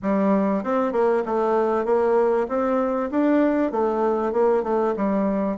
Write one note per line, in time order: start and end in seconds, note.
0.02 0.63 G3
0.63 0.92 C4
0.92 1.23 A#3
1.25 1.85 A3
1.85 2.47 A#3
2.48 3.10 C4
3.10 3.71 D4
3.71 4.32 A3
4.32 4.63 A#3
4.63 4.94 A3
4.96 5.57 G3